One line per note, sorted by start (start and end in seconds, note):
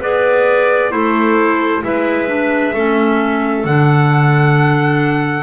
0.00 0.92 B3
0.00 0.92 G#4
0.00 0.91 B4
0.00 0.91 D5
0.91 1.83 A3
0.91 1.81 E4
0.91 1.83 A4
0.91 1.82 C5
1.83 2.73 G#3
1.83 2.27 E4
1.83 2.73 B4
1.83 3.65 E5
2.27 2.72 D4
2.73 3.64 A3
2.73 3.66 C#4
2.73 5.43 A4
3.64 5.43 D3
3.64 5.43 D4
3.64 5.43 F#5